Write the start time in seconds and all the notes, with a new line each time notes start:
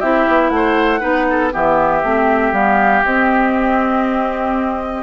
0.00 C4 E4 G4 E5
0.28 B3
0.50 A3 F#5
0.56 C5
1.01 B3 D#4 B4
1.30 A4
1.52 E3 B3 G4 E5
2.03 A3 C4
2.53 G3 B3 F5
3.05 C4 D#5